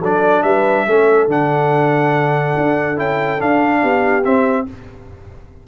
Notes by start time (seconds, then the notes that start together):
0.00 F#3 D4 A4 D5
0.42 G3 B4 E5
0.86 A3 C#4 A4
1.27 D3 D4 F#5
2.57 D4
2.96 C#4 E4 G5
3.38 D4 F5
3.81 B3 G4
4.24 C4 E5